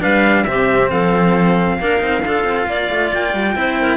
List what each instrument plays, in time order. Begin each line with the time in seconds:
0.00 cello G3 D4, clarinet B4, trumpet F5
0.44 cello C3 C4, clarinet G4, trumpet E5
0.90 cello F3, clarinet A4, trumpet F5
1.79 cello A#3 D4, clarinet A#4
1.99 cello C4 D#4
2.25 cello D4 F4, clarinet A4
2.44 cello C4
2.66 cello A#3, clarinet D5
2.90 cello A3
3.13 cello A#3, trumpet G5
3.33 cello G3
3.55 cello C4 E4, clarinet C5
3.81 clarinet A#4